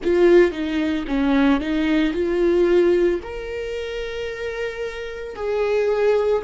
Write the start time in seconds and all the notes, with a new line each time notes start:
0.03 F4
0.51 D#4
1.07 C#4
1.60 D#4
2.13 F4
3.22 A#4
5.35 G#4